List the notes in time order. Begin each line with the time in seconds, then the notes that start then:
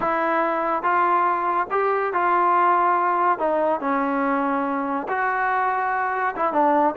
0.00 E4
0.82 F4
1.71 G4
2.13 F4
3.38 D#4
3.80 C#4
5.08 F#4
6.36 E4
6.52 D4